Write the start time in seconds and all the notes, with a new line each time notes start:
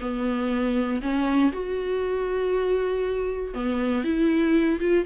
0.00 B3
1.01 C#4
1.52 F#4
3.54 B3
4.04 E4
4.79 F4